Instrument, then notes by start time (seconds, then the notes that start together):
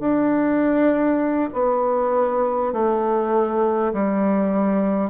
bassoon
0.00 D4
1.53 B3
2.73 A3
3.93 G3